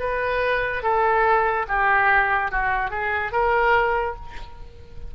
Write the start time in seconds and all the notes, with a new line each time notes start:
0.00 B4
0.83 A4
1.69 G4
2.52 F#4
2.91 G#4
3.32 A#4